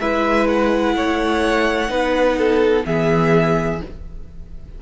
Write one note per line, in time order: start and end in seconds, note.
0.00 0.95 G#3
0.00 1.88 E4
0.00 0.96 B4
0.00 0.48 E5
0.48 2.86 F#5
0.95 1.90 A3
0.95 1.91 C#5
1.88 2.85 B3
1.88 2.84 D#4
1.88 2.38 B4
2.38 2.86 A4
2.85 3.81 E3
2.85 3.80 B3
2.85 3.82 G#4
2.85 3.81 E5